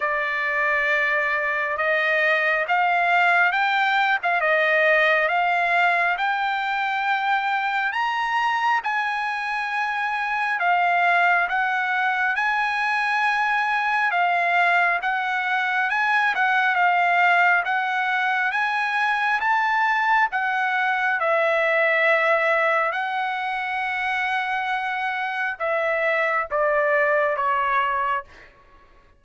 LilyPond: \new Staff \with { instrumentName = "trumpet" } { \time 4/4 \tempo 4 = 68 d''2 dis''4 f''4 | g''8. f''16 dis''4 f''4 g''4~ | g''4 ais''4 gis''2 | f''4 fis''4 gis''2 |
f''4 fis''4 gis''8 fis''8 f''4 | fis''4 gis''4 a''4 fis''4 | e''2 fis''2~ | fis''4 e''4 d''4 cis''4 | }